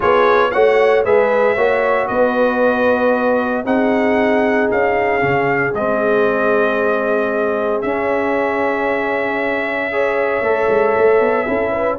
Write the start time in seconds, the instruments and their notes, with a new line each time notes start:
0.00 tuba B3, trombone F4, horn G#4, trumpet C#5
0.51 tuba A3, trombone F#4, horn C#5, trumpet F#5
1.04 tuba G#3, trombone G#4, horn B4, trumpet E5
1.54 tuba A#3, trombone F#4, horn C#5
2.07 tuba B3, horn B4, trumpet D#5
3.64 tuba C4, trombone D#4, horn G#4, trumpet F#5
4.71 tuba C#4, trumpet F5
5.20 tuba C#3, trombone C#4
5.74 tuba G#3, trombone C4, trumpet D#5
7.81 tuba C#4, trombone C#4, trumpet E5
9.91 trombone G#4, horn C#5
10.41 tuba A3, trombone A4
10.68 tuba G#3
10.97 tuba A3
11.20 tuba B3
11.46 tuba C#4, trombone E4, horn A4
11.71 horn B4